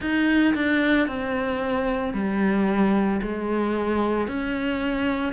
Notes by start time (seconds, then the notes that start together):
0.00 D#4
0.55 D4
1.07 C4
2.13 G3
3.21 G#3
4.27 C#4